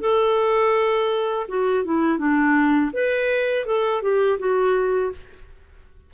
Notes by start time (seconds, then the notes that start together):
0.00 A4
1.48 F#4
1.84 E4
2.18 D4
2.93 B4
3.66 A4
4.02 G4
4.39 F#4